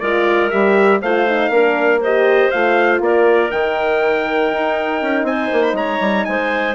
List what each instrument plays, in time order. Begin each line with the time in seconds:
0.00 bassoon G#3, horn F4, clarinet A#4, trumpet D5
0.51 bassoon G3, horn G4, trumpet E5
1.02 bassoon A3, horn F4, clarinet C5, trumpet F5
1.28 horn D#4
1.49 bassoon A#3, horn D4, clarinet A#4
2.01 horn G4, clarinet C5, trumpet D#5
2.51 bassoon A3, horn F4, trumpet F5
3.01 bassoon A#3, clarinet A#4, trumpet D5
3.51 bassoon D#3, horn D#4, trumpet G5
4.53 bassoon D#4
5.02 bassoon C#4
5.23 bassoon C4, clarinet C5, trumpet G#5
5.53 bassoon A#3
5.63 trumpet B5
5.73 bassoon G#3, clarinet C#5, trumpet A#5
6.00 bassoon G3
6.25 bassoon G#3, clarinet C5, trumpet G#5